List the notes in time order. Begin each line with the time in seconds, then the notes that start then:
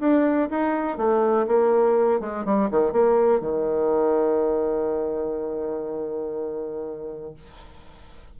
0.00 D4
0.50 D#4
0.98 A3
1.47 A#3
2.21 G#3
2.45 G3
2.71 D#3
2.92 A#3
3.41 D#3